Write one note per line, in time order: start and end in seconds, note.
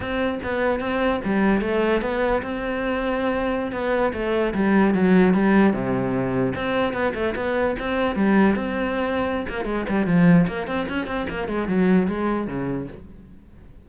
0.00 0.39 C4
0.43 0.80 B3
0.80 1.20 C4
1.24 1.61 G3
1.61 2.01 A3
2.01 2.42 B3
2.42 3.72 C4
3.72 4.12 B3
4.13 4.53 A3
4.54 4.94 G3
4.94 5.34 F#3
5.34 5.73 G3
5.73 6.53 C3
6.55 6.93 C4
6.93 7.13 B3
7.14 7.34 A3
7.35 7.76 B3
7.79 8.15 C4
8.15 8.55 G3
8.55 9.46 C4
9.48 9.64 A#3
9.64 9.85 G#3
9.89 10.06 G3
10.06 10.46 F3
10.47 10.67 A#3
10.67 10.87 C4
10.88 11.06 C#4
11.06 11.27 C4
11.29 11.47 A#3
11.47 11.68 G#3
11.68 12.07 F#3
12.07 12.47 G#3
12.47 12.87 C#3